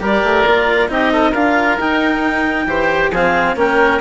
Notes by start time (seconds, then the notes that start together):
0.00 G3 G4 A#4 D5
0.23 A3
0.45 A#3 F4
0.88 C4 D#4 G4 D#5
1.12 A4
1.31 D4 F4 A#4 F5
1.77 D#4 G5
2.66 E3 G4 C5
3.11 F3 C4 G#4 F5
3.55 A#3 C#4 A#4 G5